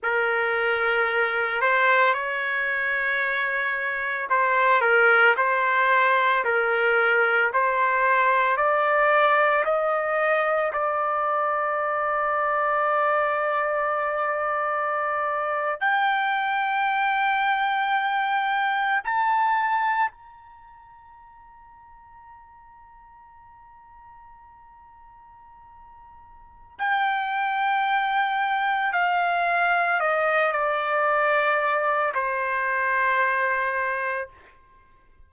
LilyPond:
\new Staff \with { instrumentName = "trumpet" } { \time 4/4 \tempo 4 = 56 ais'4. c''8 cis''2 | c''8 ais'8 c''4 ais'4 c''4 | d''4 dis''4 d''2~ | d''2~ d''8. g''4~ g''16~ |
g''4.~ g''16 a''4 ais''4~ ais''16~ | ais''1~ | ais''4 g''2 f''4 | dis''8 d''4. c''2 | }